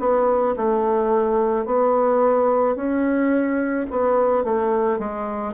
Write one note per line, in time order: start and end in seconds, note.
0.00 0.56 B3
0.57 1.66 A3
1.66 2.76 B3
2.76 3.87 C#4
3.91 4.44 B3
4.44 4.99 A3
4.99 5.55 G#3